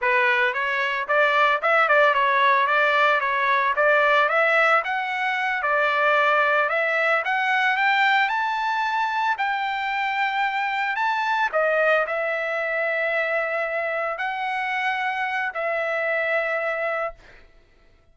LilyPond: \new Staff \with { instrumentName = "trumpet" } { \time 4/4 \tempo 4 = 112 b'4 cis''4 d''4 e''8 d''8 | cis''4 d''4 cis''4 d''4 | e''4 fis''4. d''4.~ | d''8 e''4 fis''4 g''4 a''8~ |
a''4. g''2~ g''8~ | g''8 a''4 dis''4 e''4.~ | e''2~ e''8 fis''4.~ | fis''4 e''2. | }